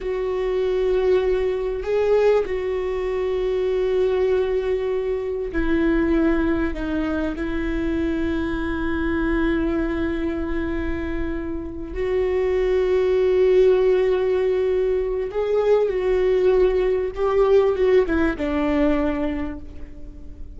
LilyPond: \new Staff \with { instrumentName = "viola" } { \time 4/4 \tempo 4 = 98 fis'2. gis'4 | fis'1~ | fis'4 e'2 dis'4 | e'1~ |
e'2.~ e'8 fis'8~ | fis'1~ | fis'4 gis'4 fis'2 | g'4 fis'8 e'8 d'2 | }